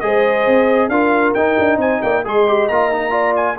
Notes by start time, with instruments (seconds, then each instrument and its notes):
0.00 tuba G#3, trombone G#4, horn C5, trumpet D#5
0.47 tuba C4
0.89 tuba D4, trombone F4, horn A#4, trumpet F5
1.34 tuba D#4, trombone D#4, trumpet G5
1.59 tuba D4
1.77 tuba C4, horn C5, trumpet G#5
2.02 tuba A#3, horn D5, trumpet G5
2.25 tuba G#3, trombone G#4, horn D#5, trumpet C6
2.47 trombone G4
2.69 tuba A#3, trombone F4, trumpet A#5
2.92 trombone D#4
3.11 trombone F4, horn D5
3.36 trumpet G#5